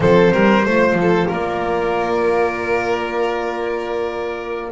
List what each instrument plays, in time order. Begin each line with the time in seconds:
0.00 double bass F3, horn C4, violin A4, trumpet C5
0.33 double bass G3, violin A#4
0.65 double bass A3, horn F4, violin C5
0.93 double bass F3
1.01 violin A4
1.27 double bass A#3, violin A#4, trumpet D5